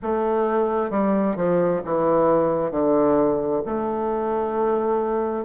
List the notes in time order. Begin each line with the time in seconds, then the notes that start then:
0.02 A3
0.90 G3
1.36 F3
1.84 E3
2.71 D3
3.65 A3